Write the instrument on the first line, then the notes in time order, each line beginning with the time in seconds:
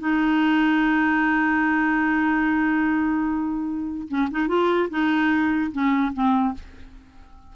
clarinet
0.00 D#4
4.08 C#4
4.31 D#4
4.48 F4
4.90 D#4
5.72 C#4
6.14 C4